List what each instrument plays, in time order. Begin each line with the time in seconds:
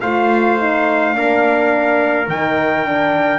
0.00 double bass A3, horn F4, trumpet C5 F5
0.58 horn D#4
1.14 double bass A#3, horn D4, trumpet A#4
2.28 double bass D#3, horn D#4, trumpet G5
2.85 horn D4